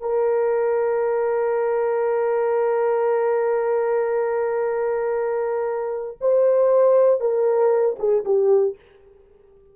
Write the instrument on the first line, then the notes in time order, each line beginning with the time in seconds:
horn
0.00 A#4
6.21 C5
7.20 A#4
7.99 G#4
8.25 G4